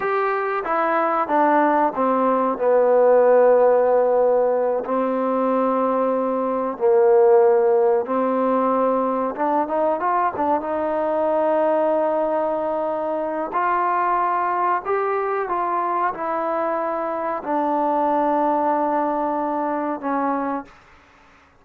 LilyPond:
\new Staff \with { instrumentName = "trombone" } { \time 4/4 \tempo 4 = 93 g'4 e'4 d'4 c'4 | b2.~ b8 c'8~ | c'2~ c'8 ais4.~ | ais8 c'2 d'8 dis'8 f'8 |
d'8 dis'2.~ dis'8~ | dis'4 f'2 g'4 | f'4 e'2 d'4~ | d'2. cis'4 | }